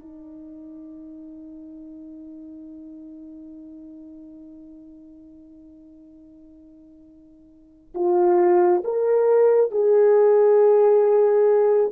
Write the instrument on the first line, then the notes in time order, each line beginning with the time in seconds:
horn
0.00 D#4
7.95 F4
8.84 A#4
9.72 G#4